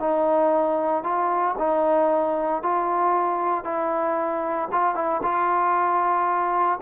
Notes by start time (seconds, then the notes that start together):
0.00 D#4
1.03 F4
1.58 D#4
2.63 F4
3.65 E4
4.72 F4
4.95 E4
5.23 F4